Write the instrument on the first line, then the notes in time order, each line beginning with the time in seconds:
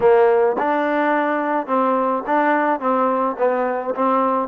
trombone
0.00 A#3
0.58 D4
1.67 C4
2.26 D4
2.79 C4
3.38 B3
3.95 C4